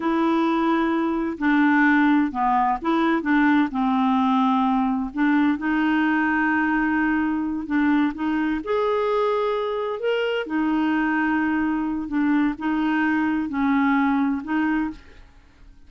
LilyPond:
\new Staff \with { instrumentName = "clarinet" } { \time 4/4 \tempo 4 = 129 e'2. d'4~ | d'4 b4 e'4 d'4 | c'2. d'4 | dis'1~ |
dis'8 d'4 dis'4 gis'4.~ | gis'4. ais'4 dis'4.~ | dis'2 d'4 dis'4~ | dis'4 cis'2 dis'4 | }